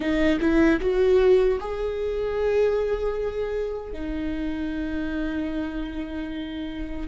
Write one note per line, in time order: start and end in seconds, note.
0.00 0.39 D#4
0.40 0.80 E4
0.80 1.59 F#4
1.60 3.92 G#4
3.92 7.07 D#4